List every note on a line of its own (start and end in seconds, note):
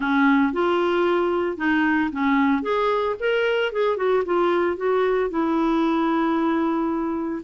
0.00 0.52 C#4
0.53 1.57 F4
1.57 2.10 D#4
2.11 2.62 C#4
2.62 3.15 G#4
3.19 3.72 A#4
3.72 3.97 G#4
3.97 4.23 F#4
4.25 4.76 F4
4.76 5.30 F#4
5.30 7.42 E4